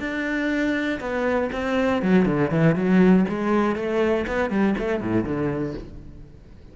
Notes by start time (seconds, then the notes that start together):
0.00 D4
1.01 B3
1.52 C4
2.02 F#3
2.26 D3
2.51 E3
2.76 F#3
3.29 G#3
3.76 A3
4.27 B3
4.50 G3
4.79 A3
5.01 A2
5.24 D3